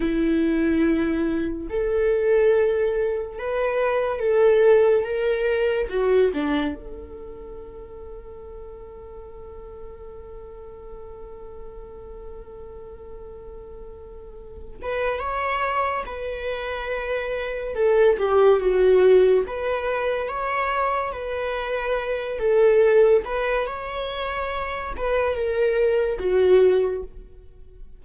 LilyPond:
\new Staff \with { instrumentName = "viola" } { \time 4/4 \tempo 4 = 71 e'2 a'2 | b'4 a'4 ais'4 fis'8 d'8 | a'1~ | a'1~ |
a'4. b'8 cis''4 b'4~ | b'4 a'8 g'8 fis'4 b'4 | cis''4 b'4. a'4 b'8 | cis''4. b'8 ais'4 fis'4 | }